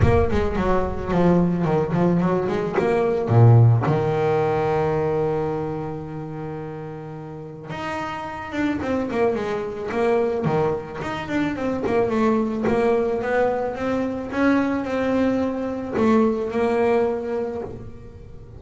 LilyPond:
\new Staff \with { instrumentName = "double bass" } { \time 4/4 \tempo 4 = 109 ais8 gis8 fis4 f4 dis8 f8 | fis8 gis8 ais4 ais,4 dis4~ | dis1~ | dis2 dis'4. d'8 |
c'8 ais8 gis4 ais4 dis4 | dis'8 d'8 c'8 ais8 a4 ais4 | b4 c'4 cis'4 c'4~ | c'4 a4 ais2 | }